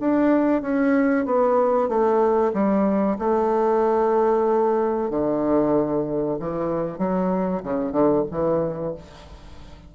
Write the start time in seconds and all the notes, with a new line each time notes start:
0.00 D4
0.62 C#4
1.25 B3
1.88 A3
2.53 G3
3.19 A3
5.10 D3
6.39 E3
6.98 F#3
7.63 C#3
7.91 D3
8.31 E3